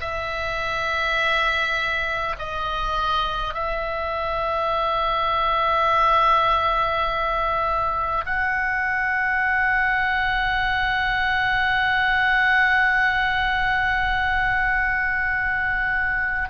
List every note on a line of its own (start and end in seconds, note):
0.00 2.35 E5
2.39 3.53 D#5
3.53 8.24 E5
8.25 16.49 F#5